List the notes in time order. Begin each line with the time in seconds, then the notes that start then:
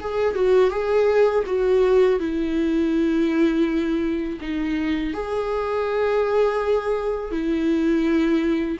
0.00 G#4
0.35 F#4
0.70 G#4
1.46 F#4
2.19 E4
4.40 D#4
5.13 G#4
7.31 E4